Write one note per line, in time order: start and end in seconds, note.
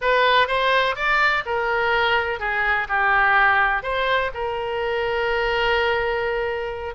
0.01 0.47 B4
0.47 0.95 C5
0.95 1.43 D5
1.45 2.39 A#4
2.39 2.87 G#4
2.88 3.82 G4
3.82 4.30 C5
4.34 6.94 A#4